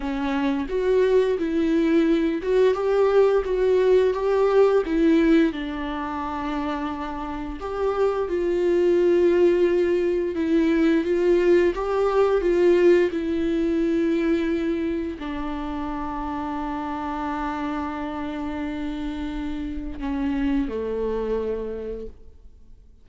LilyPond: \new Staff \with { instrumentName = "viola" } { \time 4/4 \tempo 4 = 87 cis'4 fis'4 e'4. fis'8 | g'4 fis'4 g'4 e'4 | d'2. g'4 | f'2. e'4 |
f'4 g'4 f'4 e'4~ | e'2 d'2~ | d'1~ | d'4 cis'4 a2 | }